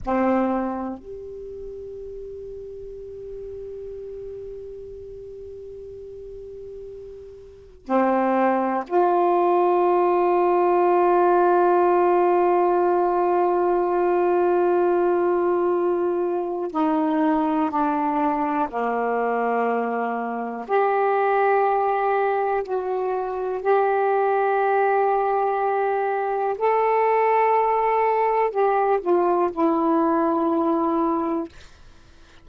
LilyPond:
\new Staff \with { instrumentName = "saxophone" } { \time 4/4 \tempo 4 = 61 c'4 g'2.~ | g'1 | c'4 f'2.~ | f'1~ |
f'4 dis'4 d'4 ais4~ | ais4 g'2 fis'4 | g'2. a'4~ | a'4 g'8 f'8 e'2 | }